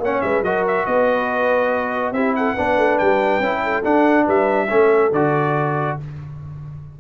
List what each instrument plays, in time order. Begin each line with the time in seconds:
0.00 tuba A#3, trombone C#4, horn C#5, trumpet F#5
0.22 tuba G#3, horn B4, trumpet E5
0.42 tuba F#3, trombone F#4, horn A#4, trumpet D#5
0.68 trumpet E5
0.86 tuba B3, horn B4, trumpet D#5
2.12 tuba C4, trombone E4, horn G4, trumpet E5
2.36 horn A4, trumpet F#5
2.54 tuba B3, trombone D4, horn B4
2.78 tuba A3
2.99 tuba G3, trumpet G5
3.40 tuba C#4, trombone E4
3.64 horn A4
3.83 trombone D4, tuba D4, trumpet F#5
4.25 tuba G3, horn B4, trumpet E5
4.69 tuba A3, trombone C#4, horn A4
5.12 tuba D3, trombone F#4, trumpet D5